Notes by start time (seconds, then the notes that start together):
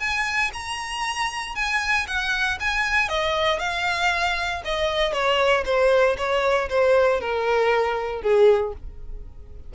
0.00 G#5
0.54 A#5
1.56 G#5
2.08 F#5
2.60 G#5
3.09 D#5
3.60 F5
4.65 D#5
5.13 C#5
5.65 C5
6.18 C#5
6.70 C5
7.21 A#4
8.22 G#4